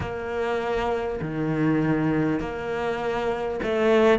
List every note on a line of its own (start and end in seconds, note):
0.00 1.20 A#3
1.21 2.40 D#3
2.40 3.60 A#3
3.63 4.19 A3